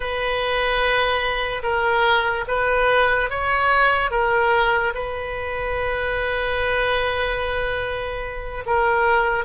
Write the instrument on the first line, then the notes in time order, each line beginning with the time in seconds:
oboe
0.00 B4
1.62 A#4
2.47 B4
3.30 C#5
4.11 A#4
4.94 B4
8.65 A#4